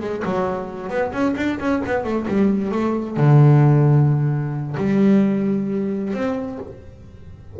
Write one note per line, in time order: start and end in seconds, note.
0.00 0.23 G#3
0.25 0.89 F#3
0.89 1.12 B3
1.12 1.35 C#4
1.36 1.59 D4
1.59 1.82 C#4
1.86 2.04 B3
2.04 2.26 A3
2.28 2.72 G3
2.72 3.17 A3
3.17 4.76 D3
4.77 6.13 G3
6.13 6.59 C4